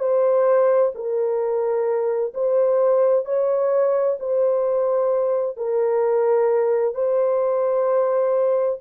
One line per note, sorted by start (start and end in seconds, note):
0.00 0.92 C5
0.95 2.34 A#4
2.35 3.26 C5
3.26 4.18 C#5
4.20 5.57 C5
5.57 6.95 A#4
6.95 8.79 C5